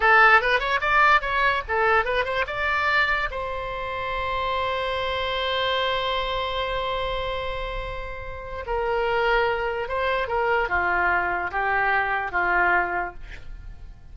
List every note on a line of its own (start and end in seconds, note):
0.00 0.41 A4
0.41 0.59 B4
0.59 0.80 C#5
0.80 1.21 D5
1.21 1.62 C#5
1.68 2.04 A4
2.04 2.24 B4
2.24 2.45 C5
2.47 3.29 D5
3.30 8.65 C5
8.66 9.88 A#4
9.88 10.27 C5
10.27 10.68 A#4
10.68 11.50 F4
11.51 12.31 G4
12.31 13.13 F4